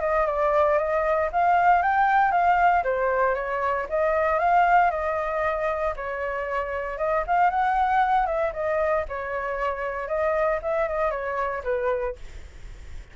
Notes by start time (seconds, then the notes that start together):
0.00 D#5
0.26 D5
0.78 D#5
1.32 F5
1.82 G5
2.31 F5
2.84 C5
3.34 C#5
3.89 D#5
4.39 F5
4.90 D#5
5.96 C#5
6.98 D#5
7.27 F5
7.50 F#5
8.26 E5
8.53 D#5
9.08 C#5
10.07 D#5
10.62 E5
10.88 D#5
11.10 C#5
11.64 B4